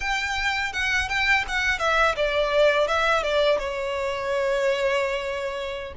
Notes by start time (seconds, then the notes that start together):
0.00 G5
0.72 F#5
1.08 G5
1.48 F#5
1.78 E5
2.16 D5
2.87 E5
3.22 D5
3.58 C#5